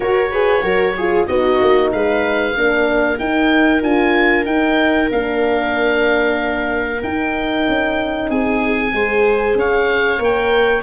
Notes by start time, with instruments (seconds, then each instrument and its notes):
0.00 horn F#4, tuba F#4, viola A#4, oboe C#5
0.31 horn G#4, viola B4
0.61 tuba F#3, horn F#4, viola A#4
0.97 horn F4, viola G#4
1.26 tuba B3, horn D#4, viola F#4, oboe D#5
1.61 tuba A#3
1.92 tuba G#3, viola B4, oboe F5
2.56 tuba A#3, horn D4, viola A#4
3.18 tuba D#4, horn D#4, oboe G5
3.81 tuba D4, horn F4, oboe G#5
4.45 horn D#4, tuba D#4, oboe G5
5.11 tuba A#3, horn D4, oboe F5
7.01 horn D#4, tuba D#4, oboe G5
7.67 tuba C#4
8.29 tuba C4, viola G#4, oboe G#5
8.92 tuba G#3, horn G#4, viola C5
9.55 tuba C#4, viola C#5, oboe F5
10.18 tuba A#3, horn A#4, oboe G5